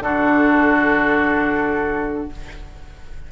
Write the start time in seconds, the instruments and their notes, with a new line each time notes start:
0.00 bassoon D3, clarinet D4, oboe F#4, flute A4